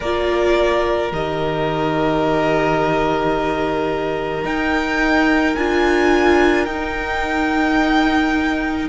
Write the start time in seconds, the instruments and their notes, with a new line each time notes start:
0.00 cello A#3, viola F4, violin A#4 D5
1.12 cello D#3, viola G4, violin D#5
4.43 viola D#4, cello D#4, violin G5
5.55 cello D4, viola F4, violin G#5
6.65 cello D#4, viola D#4, violin G5